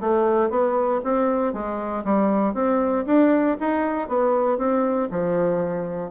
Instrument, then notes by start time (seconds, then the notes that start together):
bassoon
0.00 A3
0.50 B3
1.04 C4
1.53 G#3
2.04 G3
2.54 C4
3.06 D4
3.60 D#4
4.08 B3
4.58 C4
5.11 F3